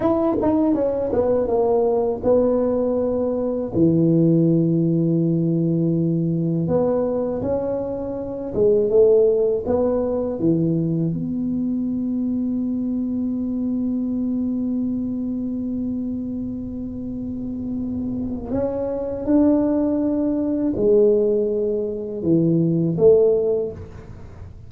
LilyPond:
\new Staff \with { instrumentName = "tuba" } { \time 4/4 \tempo 4 = 81 e'8 dis'8 cis'8 b8 ais4 b4~ | b4 e2.~ | e4 b4 cis'4. gis8 | a4 b4 e4 b4~ |
b1~ | b1~ | b4 cis'4 d'2 | gis2 e4 a4 | }